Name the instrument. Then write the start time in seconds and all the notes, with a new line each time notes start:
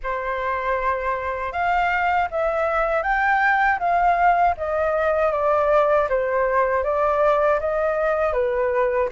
flute
0.03 C5
1.52 F5
2.31 E5
3.02 G5
3.79 F5
4.57 D#5
5.32 D5
6.09 C5
6.84 D5
7.59 D#5
8.32 B4